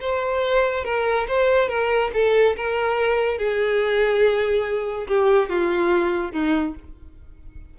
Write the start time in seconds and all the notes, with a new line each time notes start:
0.00 C5
0.84 A#4
1.28 C5
1.68 A#4
2.13 A4
2.56 A#4
3.38 G#4
5.07 G4
5.49 F4
6.32 D#4